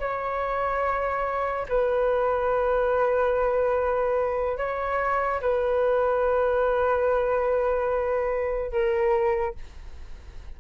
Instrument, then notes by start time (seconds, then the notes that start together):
flute
0.00 C#5
1.69 B4
4.58 C#5
5.41 B4
8.72 A#4